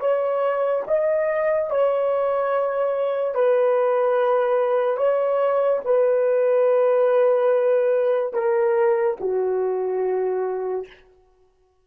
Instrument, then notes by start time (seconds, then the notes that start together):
horn
0.00 C#5
0.86 D#5
1.70 C#5
3.34 B4
4.97 C#5
5.84 B4
8.33 A#4
9.20 F#4